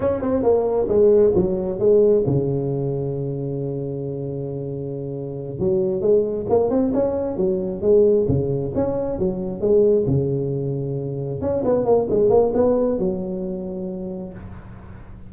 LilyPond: \new Staff \with { instrumentName = "tuba" } { \time 4/4 \tempo 4 = 134 cis'8 c'8 ais4 gis4 fis4 | gis4 cis2.~ | cis1~ | cis8 fis4 gis4 ais8 c'8 cis'8~ |
cis'8 fis4 gis4 cis4 cis'8~ | cis'8 fis4 gis4 cis4.~ | cis4. cis'8 b8 ais8 gis8 ais8 | b4 fis2. | }